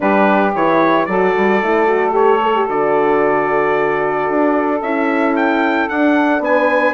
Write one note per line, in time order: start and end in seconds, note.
0.00 0.54 G3
0.00 0.52 D4
0.00 1.08 G4
0.00 0.54 B4
0.54 1.07 E3
0.54 1.08 E4
0.54 1.05 C#5
1.05 1.34 F#3
1.05 1.62 F#4
1.05 6.44 A4
1.05 2.12 D5
1.36 1.62 G3
1.62 2.68 A3
1.62 1.87 E4
1.87 2.11 F#4
2.11 2.38 G4
2.11 2.68 C#5
2.42 2.54 A4
2.54 2.67 G4
2.67 4.28 D3
2.67 4.82 F#4
2.67 4.82 D5
4.28 4.81 D4
4.81 5.88 C#4
4.81 5.90 E4
4.81 5.35 E5
5.35 5.88 G5
5.88 6.39 D4
5.88 6.94 D4
5.88 6.42 F#5
6.39 6.93 B3
6.39 6.94 B4
6.39 6.94 G#5